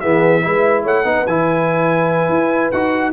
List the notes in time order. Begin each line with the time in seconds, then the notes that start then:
0.00 E3 B3 G#4 E5
0.42 G#3 E4 B4
0.83 A3 C#5 F#5
1.04 B3 D#4 B4
1.26 E3 E4 G#5
2.28 E4
2.71 D#4 F#4 F#5